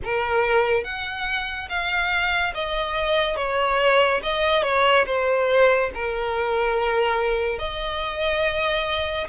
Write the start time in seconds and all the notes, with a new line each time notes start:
0.03 A#4
0.84 F#5
1.69 F5
2.54 D#5
3.36 C#5
4.23 D#5
4.62 C#5
5.06 C5
5.94 A#4
7.58 D#5